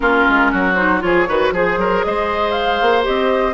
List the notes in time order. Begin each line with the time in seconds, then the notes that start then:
0.00 A#3 C#4 F4 A#4
0.28 G#3
0.51 F#3 F#4
0.74 D#4 C5
1.00 F3 F4 G#4 C#5
1.28 D#3 F#4 B4
1.51 F3 G#4 C5
1.77 F#3 A#4
2.04 G#3 C5 D#5
2.51 F5
2.81 A#3
3.02 C4 G4 D#5